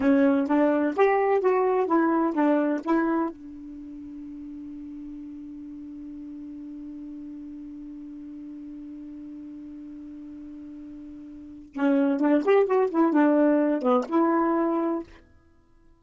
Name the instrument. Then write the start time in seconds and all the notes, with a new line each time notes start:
saxophone
0.00 C#4
0.47 D4
0.95 G4
1.40 F#4
1.86 E4
2.34 D4
2.84 E4
3.29 D4
11.74 C#4
12.19 D4
12.44 G4
12.66 F#4
12.90 E4
13.12 D4
13.82 B3
14.09 E4